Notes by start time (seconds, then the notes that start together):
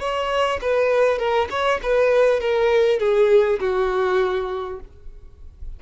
0.00 C#5
0.62 B4
1.19 A#4
1.51 C#5
1.83 B4
2.41 A#4
3.00 G#4
3.60 F#4